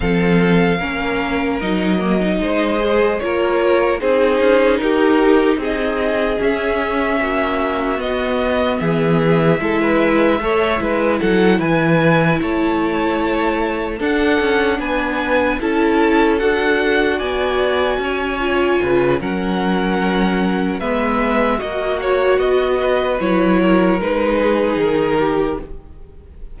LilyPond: <<
  \new Staff \with { instrumentName = "violin" } { \time 4/4 \tempo 4 = 75 f''2 dis''2 | cis''4 c''4 ais'4 dis''4 | e''2 dis''4 e''4~ | e''2 fis''8 gis''4 a''8~ |
a''4. fis''4 gis''4 a''8~ | a''8 fis''4 gis''2~ gis''8 | fis''2 e''4 dis''8 cis''8 | dis''4 cis''4 b'4 ais'4 | }
  \new Staff \with { instrumentName = "violin" } { \time 4/4 a'4 ais'2 c''4 | ais'4 gis'4 g'4 gis'4~ | gis'4 fis'2 gis'4 | a'16 b'8. cis''8 b'8 a'8 b'4 cis''8~ |
cis''4. a'4 b'4 a'8~ | a'4. d''4 cis''4 b'8 | ais'2 b'4 fis'4~ | fis'8 b'4 ais'4 gis'4 g'8 | }
  \new Staff \with { instrumentName = "viola" } { \time 4/4 c'4 cis'4 dis'8 ais16 dis'8. gis'8 | f'4 dis'2. | cis'2 b2 | e'4 a'8 e'2~ e'8~ |
e'4. d'2 e'8~ | e'8 fis'2~ fis'8 f'4 | cis'2 b4 fis'4~ | fis'4 e'4 dis'2 | }
  \new Staff \with { instrumentName = "cello" } { \time 4/4 f4 ais4 fis4 gis4 | ais4 c'8 cis'8 dis'4 c'4 | cis'4 ais4 b4 e4 | gis4 a8 gis8 fis8 e4 a8~ |
a4. d'8 cis'8 b4 cis'8~ | cis'8 d'4 b4 cis'4 cis8 | fis2 gis4 ais4 | b4 fis4 gis4 dis4 | }
>>